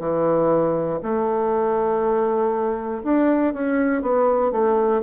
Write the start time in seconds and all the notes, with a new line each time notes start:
0.00 E3
1.03 A3
3.04 D4
3.54 C#4
4.03 B3
4.52 A3